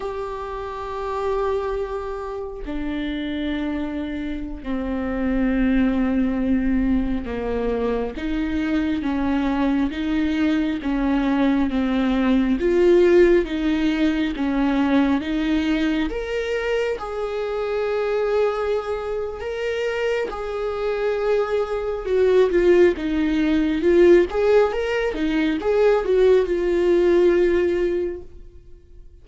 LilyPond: \new Staff \with { instrumentName = "viola" } { \time 4/4 \tempo 4 = 68 g'2. d'4~ | d'4~ d'16 c'2~ c'8.~ | c'16 ais4 dis'4 cis'4 dis'8.~ | dis'16 cis'4 c'4 f'4 dis'8.~ |
dis'16 cis'4 dis'4 ais'4 gis'8.~ | gis'2 ais'4 gis'4~ | gis'4 fis'8 f'8 dis'4 f'8 gis'8 | ais'8 dis'8 gis'8 fis'8 f'2 | }